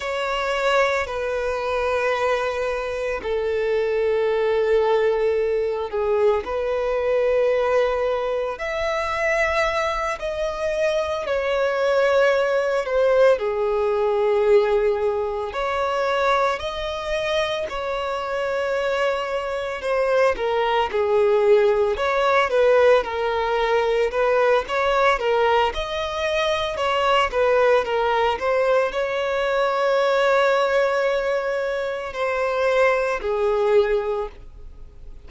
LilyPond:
\new Staff \with { instrumentName = "violin" } { \time 4/4 \tempo 4 = 56 cis''4 b'2 a'4~ | a'4. gis'8 b'2 | e''4. dis''4 cis''4. | c''8 gis'2 cis''4 dis''8~ |
dis''8 cis''2 c''8 ais'8 gis'8~ | gis'8 cis''8 b'8 ais'4 b'8 cis''8 ais'8 | dis''4 cis''8 b'8 ais'8 c''8 cis''4~ | cis''2 c''4 gis'4 | }